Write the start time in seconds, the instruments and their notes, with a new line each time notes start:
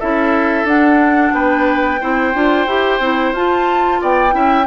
0.00 bassoon C#4, clarinet E4, oboe A4, flute E5
0.64 bassoon D4, clarinet D4, flute F#5
1.33 bassoon B3, oboe B4, flute G5
2.01 bassoon C4, clarinet E4, oboe C5
2.34 bassoon D4, clarinet F4
2.67 bassoon E4, clarinet G4
3.00 bassoon C4, clarinet E4
3.33 bassoon F4, clarinet F4, flute A5
4.01 bassoon B3, oboe D5, flute G5
4.31 bassoon C#4, clarinet E4, oboe E5